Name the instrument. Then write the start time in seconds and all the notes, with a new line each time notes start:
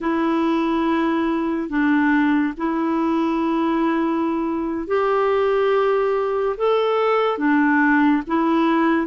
clarinet
0.00 E4
1.69 D4
2.57 E4
4.87 G4
6.57 A4
7.38 D4
8.27 E4